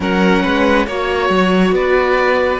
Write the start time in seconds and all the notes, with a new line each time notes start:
0.00 F#3 C#4 A#4 F#5
0.42 G#3 B4
0.86 A#3 F#4 C#5
1.29 F#3
1.71 B3 B4 D5